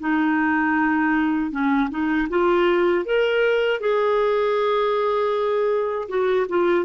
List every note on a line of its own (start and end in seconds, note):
0.00 1.52 D#4
1.52 1.90 C#4
1.90 2.28 D#4
2.30 3.05 F4
3.05 3.80 A#4
3.80 6.08 G#4
6.09 6.47 F#4
6.49 6.85 F4